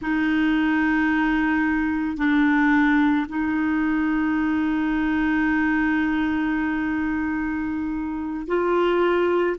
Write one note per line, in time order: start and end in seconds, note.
0.01 2.17 D#4
2.17 3.26 D4
3.28 8.46 D#4
8.47 9.56 F4